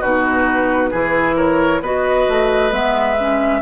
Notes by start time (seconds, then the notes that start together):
0.00 B2 D#4 F#4 B4
0.90 E3 E4 G#4
1.36 A#4 C#5
1.81 B3 F#4 B4 D#5
2.28 A3
2.70 G#3 B3 E5
3.19 C#4